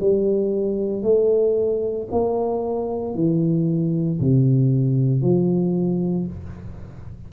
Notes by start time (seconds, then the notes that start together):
0.00 G3
1.02 A3
2.11 A#3
3.14 E3
4.20 C3
5.22 F3